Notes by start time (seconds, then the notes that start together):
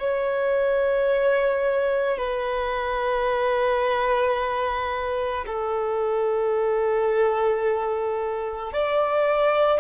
0.00 C#5
2.18 B4
5.46 A4
8.73 D5